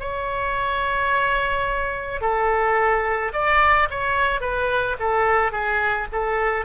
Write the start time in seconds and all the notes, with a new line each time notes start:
0.00 C#5
2.22 A4
3.33 D5
3.90 C#5
4.41 B4
5.00 A4
5.53 G#4
6.13 A4